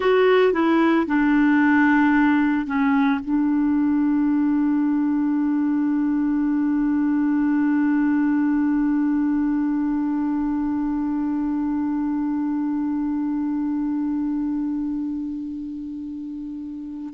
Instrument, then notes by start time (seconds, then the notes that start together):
clarinet
0.00 F#4
0.53 E4
1.06 D4
2.66 C#4
3.23 D4